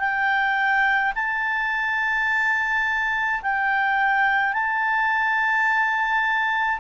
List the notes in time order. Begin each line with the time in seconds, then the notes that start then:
0.00 G5
1.15 A5
3.43 G5
4.53 A5